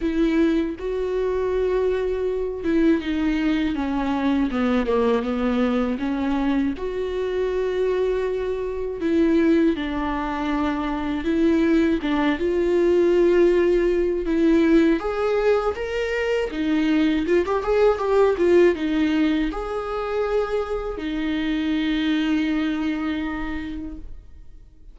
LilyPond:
\new Staff \with { instrumentName = "viola" } { \time 4/4 \tempo 4 = 80 e'4 fis'2~ fis'8 e'8 | dis'4 cis'4 b8 ais8 b4 | cis'4 fis'2. | e'4 d'2 e'4 |
d'8 f'2~ f'8 e'4 | gis'4 ais'4 dis'4 f'16 g'16 gis'8 | g'8 f'8 dis'4 gis'2 | dis'1 | }